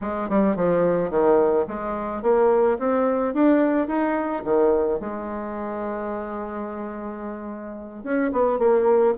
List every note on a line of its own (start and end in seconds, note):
0.01 0.29 G#3
0.29 0.56 G3
0.56 1.10 F3
1.10 1.65 D#3
1.67 2.22 G#3
2.22 2.78 A#3
2.78 3.34 C4
3.34 3.87 D4
3.87 4.43 D#4
4.44 4.99 D#3
4.99 8.03 G#3
8.03 8.31 C#4
8.32 8.58 B3
8.58 9.14 A#3